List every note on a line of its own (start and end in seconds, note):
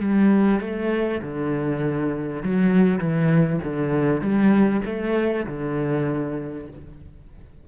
0.00 0.61 G3
0.61 1.21 A3
1.22 2.42 D3
2.42 2.99 F#3
2.99 3.59 E3
3.64 4.21 D3
4.21 4.82 G3
4.85 5.46 A3
5.47 6.68 D3